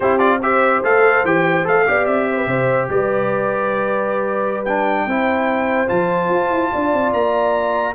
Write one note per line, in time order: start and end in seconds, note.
0.00 0.82 C4
0.00 0.19 E4
0.00 0.40 G4
0.00 0.18 C5
0.18 0.40 F4
0.18 0.39 D5
0.42 0.83 G4
0.42 1.87 C5
0.42 0.83 E5
0.82 1.24 A3
0.82 1.25 A4
0.82 1.25 F5
1.24 1.65 E3
1.24 1.64 G4
1.24 1.67 G5
1.64 1.88 A3
1.64 1.85 A4
1.64 2.05 F5
1.86 2.06 B3
1.86 4.66 G4
1.86 2.28 D5
2.05 2.46 C4
2.05 2.88 E5
2.30 2.37 C5
2.37 2.47 B4
2.46 2.88 C3
2.46 2.90 C5
2.89 5.06 G3
2.89 5.06 B4
2.89 4.64 D5
4.64 5.09 D4
4.64 5.88 G5
5.06 5.89 C4
5.06 5.87 E4
5.06 6.71 C5
5.87 6.29 F3
5.87 7.94 F4
5.87 7.12 A5
6.29 6.49 F4
6.49 6.70 E4
6.72 6.93 D4
6.72 7.94 D5
6.93 7.13 C4
7.13 7.94 A#3
7.13 7.94 A#5